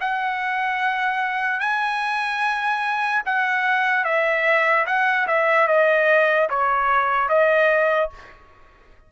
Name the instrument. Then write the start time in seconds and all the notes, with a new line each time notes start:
trumpet
0.00 F#5
1.60 G#5
3.25 F#5
4.04 E5
4.86 F#5
5.27 E5
5.68 D#5
6.49 C#5
7.29 D#5